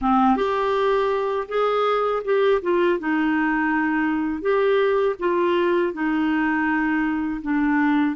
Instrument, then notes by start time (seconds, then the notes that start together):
clarinet
0.01 C4
0.36 G4
1.48 G#4
2.24 G4
2.62 F4
2.99 D#4
4.41 G4
5.19 F4
5.93 D#4
7.42 D4